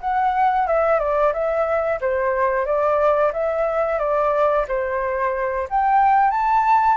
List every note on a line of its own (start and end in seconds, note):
0.00 0.67 F#5
0.67 0.99 E5
0.99 1.32 D5
1.33 1.99 E5
2.00 2.65 C5
2.65 3.32 D5
3.33 3.98 E5
3.98 4.65 D5
4.68 5.68 C5
5.69 6.31 G5
6.31 6.97 A5